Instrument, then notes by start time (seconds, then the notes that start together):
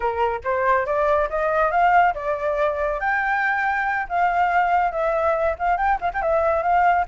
flute
0.00 A#4
0.44 C5
0.86 D5
1.29 D#5
1.71 F5
2.14 D5
2.99 G5
4.08 F5
4.91 E5
5.58 F5
5.77 G5
6.00 F5
6.13 G5
6.22 E5
6.62 F5